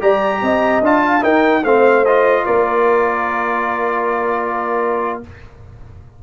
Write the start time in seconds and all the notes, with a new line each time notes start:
0.00 G3 G4 D5 A#5
0.42 C4 D#5
0.81 D4 F4 A5
1.03 F5
1.21 D#4 A#4 G5
1.63 A3 C4 C5 F5
2.05 F4 D#5
2.45 A#3 A#4 D5